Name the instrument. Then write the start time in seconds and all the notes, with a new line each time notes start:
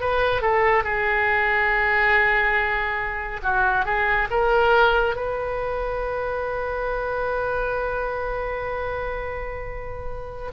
oboe
0.00 B4
0.42 A4
0.83 G#4
3.42 F#4
3.85 G#4
4.30 A#4
5.15 B4